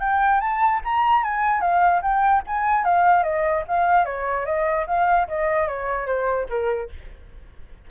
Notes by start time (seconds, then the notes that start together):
0.00 G5
0.40 A5
0.84 A#5
1.24 G#5
1.61 F5
2.02 G5
2.47 G#5
2.84 F5
3.23 D#5
3.67 F5
4.05 C#5
4.45 D#5
4.87 F5
5.28 D#5
5.67 C#5
6.06 C5
6.49 A#4